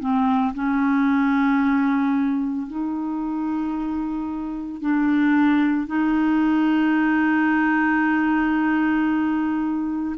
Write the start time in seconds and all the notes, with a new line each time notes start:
0.00 C4
0.55 C#4
2.68 D#4
4.82 D4
5.87 D#4